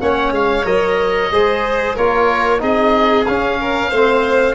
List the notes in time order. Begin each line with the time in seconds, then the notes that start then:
0.00 A#3 C#4 C#5 F#5
0.31 G#3 F5
0.64 F#3 A#4 D#5
1.31 G#3 G#4 C5
1.95 A#3 F4 A#4 C#5
2.59 C4 D#4 G#4 D#5
3.25 C#4 F5
3.60 A#4
3.90 A3 C4 C5